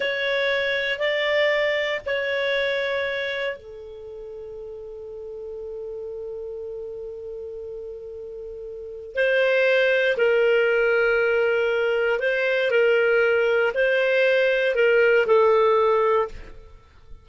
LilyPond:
\new Staff \with { instrumentName = "clarinet" } { \time 4/4 \tempo 4 = 118 cis''2 d''2 | cis''2. a'4~ | a'1~ | a'1~ |
a'2 c''2 | ais'1 | c''4 ais'2 c''4~ | c''4 ais'4 a'2 | }